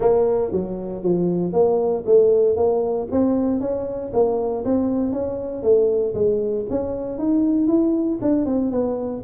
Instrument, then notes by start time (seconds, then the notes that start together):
tuba
0.00 A#3
0.51 F#3
1.03 F3
1.52 A#3
2.06 A3
2.56 A#3
3.11 C4
3.60 C#4
4.13 A#3
4.64 C4
5.12 C#4
5.62 A3
6.14 G#3
6.69 C#4
7.18 D#4
7.67 E4
8.21 D4
8.45 C4
8.71 B3